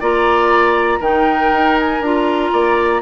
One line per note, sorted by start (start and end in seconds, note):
0.00 0.99 A#3
0.00 1.01 F4
0.00 1.00 D5
0.00 1.02 A#5
0.99 1.50 D#3
0.99 2.02 D#4
0.99 2.51 A#4
0.99 1.78 G5
1.52 2.00 D#4
1.79 2.02 G#5
2.00 2.51 D4
2.00 3.02 F4
2.00 3.02 A#5
2.53 3.02 A#3
2.53 3.02 D5